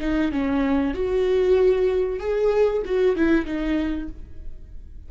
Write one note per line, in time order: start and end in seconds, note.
0.00 0.32 D#4
0.32 0.94 C#4
0.94 2.19 F#4
2.19 2.82 G#4
2.85 3.16 F#4
3.16 3.45 E4
3.45 4.08 D#4